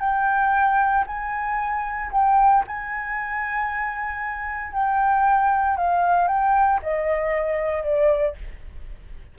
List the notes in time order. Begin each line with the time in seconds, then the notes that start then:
0.00 G5
1.07 G#5
2.12 G5
2.67 G#5
4.73 G5
5.77 F5
6.28 G5
6.83 D#5
7.83 D5